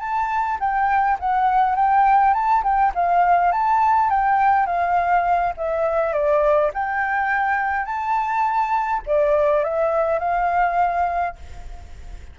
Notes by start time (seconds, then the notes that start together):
0.00 A5
0.60 G5
1.19 F#5
1.76 G5
2.34 A5
2.63 G5
2.94 F5
3.52 A5
4.10 G5
4.66 F5
5.57 E5
6.13 D5
6.74 G5
7.85 A5
9.06 D5
9.64 E5
10.19 F5